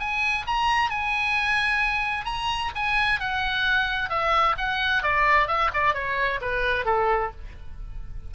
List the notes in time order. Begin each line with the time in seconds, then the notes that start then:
0.00 G#5
0.47 A#5
0.90 G#5
2.26 A#5
2.75 G#5
3.20 F#5
4.10 E5
4.58 F#5
5.03 D5
5.48 E5
5.74 D5
5.95 C#5
6.41 B4
6.86 A4